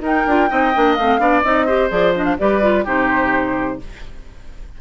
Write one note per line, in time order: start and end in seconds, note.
0.00 0.23 D#4
0.00 0.27 D#4
0.00 0.50 A#4
0.00 0.95 G5
0.27 0.50 D4
0.27 0.49 F4
0.49 0.75 C4
0.49 0.72 D#4
0.49 1.21 D#5
0.75 0.98 A#3
0.75 0.98 D4
0.95 1.19 A3
0.95 1.19 C4
0.95 1.41 F5
1.19 1.43 B3
1.19 1.43 D4
1.19 1.66 D5
1.43 1.91 C4
1.43 1.67 D#4
1.43 1.89 D#5
1.66 1.90 G4
1.66 2.36 C5
1.90 2.38 F3
1.90 2.13 G#4
1.90 2.14 D5
2.15 2.39 D4
2.15 2.24 D#5
2.24 2.36 F5
2.39 2.86 G3
2.39 2.61 G4
2.39 2.84 B4
2.39 2.86 D5
2.61 2.85 F4
2.84 3.79 C3
2.84 3.79 D#4
2.84 3.78 G4
2.84 3.81 C5